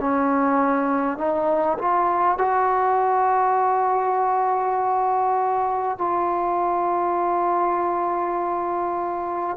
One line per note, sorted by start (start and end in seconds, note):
0.00 1.18 C#4
1.18 1.78 D#4
1.78 2.38 F4
2.38 5.98 F#4
5.98 9.57 F4